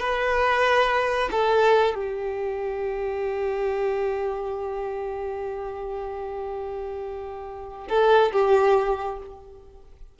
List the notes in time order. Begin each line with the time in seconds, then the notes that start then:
0.00 B4
1.32 A4
1.95 G4
7.89 A4
8.33 G4